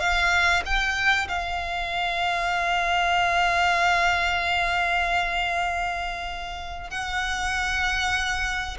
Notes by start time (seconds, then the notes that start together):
0.00 F5
0.65 G5
1.28 F5
6.90 F#5